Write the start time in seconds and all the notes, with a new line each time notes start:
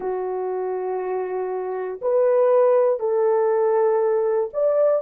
0.00 F#4
2.01 B4
2.99 A4
4.53 D5